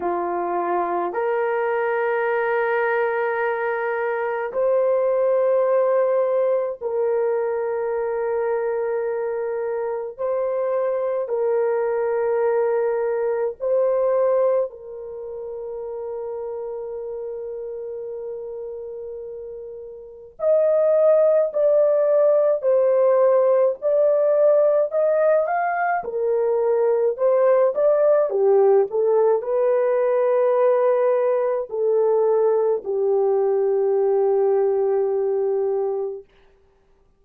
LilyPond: \new Staff \with { instrumentName = "horn" } { \time 4/4 \tempo 4 = 53 f'4 ais'2. | c''2 ais'2~ | ais'4 c''4 ais'2 | c''4 ais'2.~ |
ais'2 dis''4 d''4 | c''4 d''4 dis''8 f''8 ais'4 | c''8 d''8 g'8 a'8 b'2 | a'4 g'2. | }